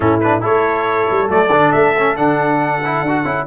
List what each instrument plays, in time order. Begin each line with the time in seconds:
0.00 tuba A2, trombone C#4, horn E4, trumpet A4
0.20 trombone D4, trumpet B4
0.40 tuba A3, trombone E4, horn A4, trumpet C#5
1.10 tuba G3
1.28 tuba F#3, trombone A3, trumpet D5
1.50 tuba D3, trombone D4
1.72 tuba A3, trumpet E5
1.98 trombone C#4
2.16 tuba D3, trombone D4, trumpet F#5
2.84 trombone E4
3.02 tuba D4
3.08 trombone F#4
3.24 tuba C#4, trombone E4